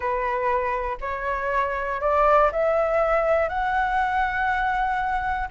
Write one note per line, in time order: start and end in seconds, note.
0.00 0.97 B4
1.00 2.00 C#5
2.00 2.50 D5
2.52 3.48 E5
3.48 5.48 F#5